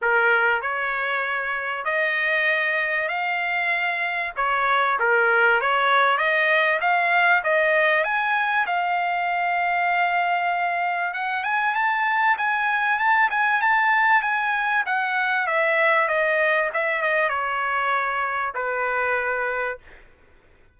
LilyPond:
\new Staff \with { instrumentName = "trumpet" } { \time 4/4 \tempo 4 = 97 ais'4 cis''2 dis''4~ | dis''4 f''2 cis''4 | ais'4 cis''4 dis''4 f''4 | dis''4 gis''4 f''2~ |
f''2 fis''8 gis''8 a''4 | gis''4 a''8 gis''8 a''4 gis''4 | fis''4 e''4 dis''4 e''8 dis''8 | cis''2 b'2 | }